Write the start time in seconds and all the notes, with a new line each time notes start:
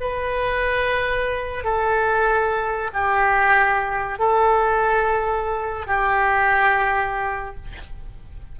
0.00 B4
1.64 A4
2.93 G4
4.18 A4
5.87 G4